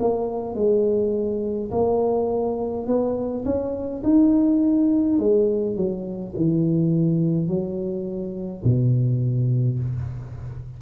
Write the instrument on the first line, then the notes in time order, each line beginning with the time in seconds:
tuba
0.00 A#3
0.55 G#3
1.71 A#3
2.87 B3
3.45 C#4
4.03 D#4
5.19 G#3
5.76 F#3
6.36 E3
7.48 F#3
8.64 B2